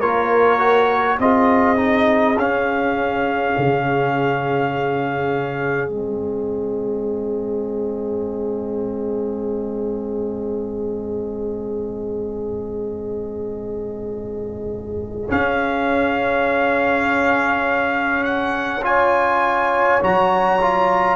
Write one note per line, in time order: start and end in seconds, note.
0.00 1.19 A#3
0.00 0.59 F4
0.00 1.18 A#4
0.00 1.19 C#5
0.59 1.18 F#4
1.19 2.37 C4
1.19 1.77 F4
1.19 18.86 G#4
1.19 2.38 D#5
1.77 2.36 D#4
2.37 3.54 C#4
2.37 5.90 C#4
2.37 5.90 F5
3.58 5.89 C#3
5.89 15.30 G#3
5.89 15.29 C4
5.89 15.31 D#5
15.29 18.82 C#4
15.29 20.02 C#4
15.29 18.24 F5
18.24 18.83 F#5
18.83 20.01 F4
18.83 21.17 C#5
18.83 20.03 G#5
20.01 21.17 F#3
20.01 20.60 F#4
20.01 21.17 A#5
20.62 21.17 F4